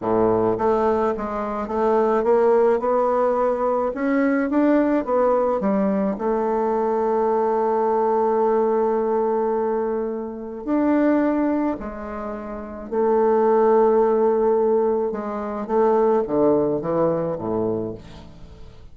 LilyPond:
\new Staff \with { instrumentName = "bassoon" } { \time 4/4 \tempo 4 = 107 a,4 a4 gis4 a4 | ais4 b2 cis'4 | d'4 b4 g4 a4~ | a1~ |
a2. d'4~ | d'4 gis2 a4~ | a2. gis4 | a4 d4 e4 a,4 | }